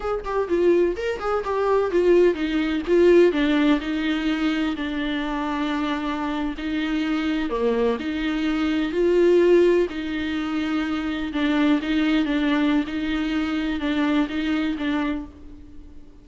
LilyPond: \new Staff \with { instrumentName = "viola" } { \time 4/4 \tempo 4 = 126 gis'8 g'8 f'4 ais'8 gis'8 g'4 | f'4 dis'4 f'4 d'4 | dis'2 d'2~ | d'4.~ d'16 dis'2 ais16~ |
ais8. dis'2 f'4~ f'16~ | f'8. dis'2. d'16~ | d'8. dis'4 d'4~ d'16 dis'4~ | dis'4 d'4 dis'4 d'4 | }